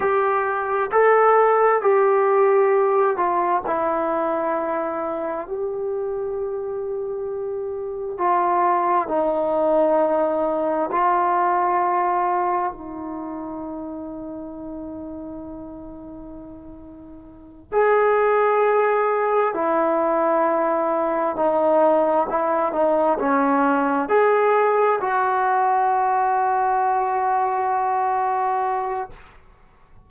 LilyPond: \new Staff \with { instrumentName = "trombone" } { \time 4/4 \tempo 4 = 66 g'4 a'4 g'4. f'8 | e'2 g'2~ | g'4 f'4 dis'2 | f'2 dis'2~ |
dis'2.~ dis'8 gis'8~ | gis'4. e'2 dis'8~ | dis'8 e'8 dis'8 cis'4 gis'4 fis'8~ | fis'1 | }